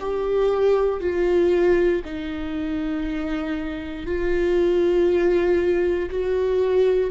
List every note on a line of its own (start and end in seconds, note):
0.00 1.01 G4
1.01 2.02 F4
2.05 4.06 D#4
4.06 6.10 F4
6.10 7.11 F#4